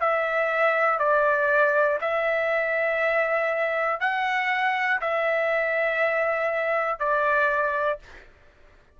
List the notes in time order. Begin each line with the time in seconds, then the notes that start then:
0.00 E5
0.99 D5
2.00 E5
4.00 F#5
5.00 E5
6.99 D5